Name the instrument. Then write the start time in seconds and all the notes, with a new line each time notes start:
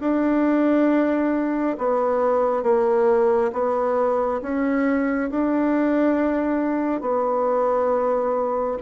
bassoon
0.00 D4
1.78 B3
2.63 A#3
3.53 B3
4.42 C#4
5.31 D4
7.01 B3